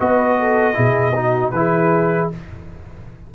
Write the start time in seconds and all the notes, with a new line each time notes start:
0.00 B3 F#4 B4 D#5
0.40 A4
0.74 B2 E4 G#4
1.15 D#4 F#4
1.51 E3 E4 B4
1.58 G#4